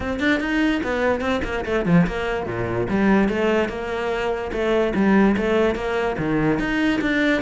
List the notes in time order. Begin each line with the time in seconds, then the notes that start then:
0.00 C4
0.19 D4
0.40 D#4
0.83 B3
1.20 C4
1.44 A#3
1.65 A3
1.85 F3
2.06 A#3
2.46 A#2
2.89 G3
3.29 A3
3.69 A#3
4.52 A3
4.95 G3
5.36 A3
5.75 A#3
6.18 D#3
6.59 D#4
7.01 D4